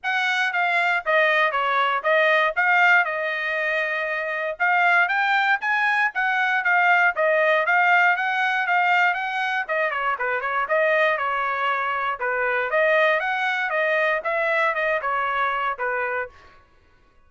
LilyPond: \new Staff \with { instrumentName = "trumpet" } { \time 4/4 \tempo 4 = 118 fis''4 f''4 dis''4 cis''4 | dis''4 f''4 dis''2~ | dis''4 f''4 g''4 gis''4 | fis''4 f''4 dis''4 f''4 |
fis''4 f''4 fis''4 dis''8 cis''8 | b'8 cis''8 dis''4 cis''2 | b'4 dis''4 fis''4 dis''4 | e''4 dis''8 cis''4. b'4 | }